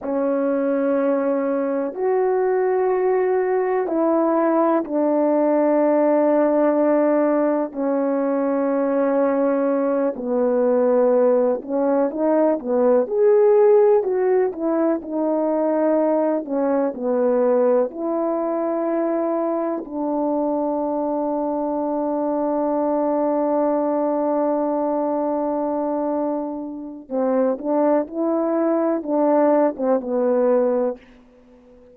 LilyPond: \new Staff \with { instrumentName = "horn" } { \time 4/4 \tempo 4 = 62 cis'2 fis'2 | e'4 d'2. | cis'2~ cis'8 b4. | cis'8 dis'8 b8 gis'4 fis'8 e'8 dis'8~ |
dis'4 cis'8 b4 e'4.~ | e'8 d'2.~ d'8~ | d'1 | c'8 d'8 e'4 d'8. c'16 b4 | }